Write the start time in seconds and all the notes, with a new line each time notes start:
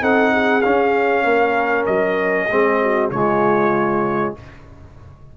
0.00 C4 D#4 A4 F#5
0.32 G#4
0.61 C#4 F5
1.23 A#3 A#4
1.86 F#3 D#5
2.51 G#3 C4 G#4
2.82 F#4
3.11 C#3 G#3 F4 C#5